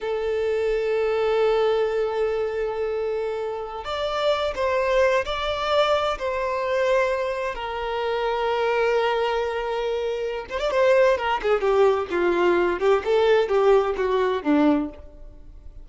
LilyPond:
\new Staff \with { instrumentName = "violin" } { \time 4/4 \tempo 4 = 129 a'1~ | a'1~ | a'16 d''4. c''4. d''8.~ | d''4~ d''16 c''2~ c''8.~ |
c''16 ais'2.~ ais'8.~ | ais'2~ ais'8 c''16 d''16 c''4 | ais'8 gis'8 g'4 f'4. g'8 | a'4 g'4 fis'4 d'4 | }